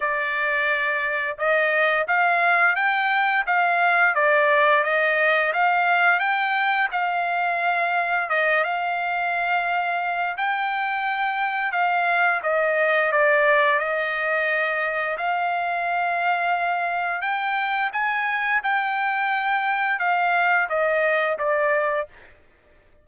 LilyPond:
\new Staff \with { instrumentName = "trumpet" } { \time 4/4 \tempo 4 = 87 d''2 dis''4 f''4 | g''4 f''4 d''4 dis''4 | f''4 g''4 f''2 | dis''8 f''2~ f''8 g''4~ |
g''4 f''4 dis''4 d''4 | dis''2 f''2~ | f''4 g''4 gis''4 g''4~ | g''4 f''4 dis''4 d''4 | }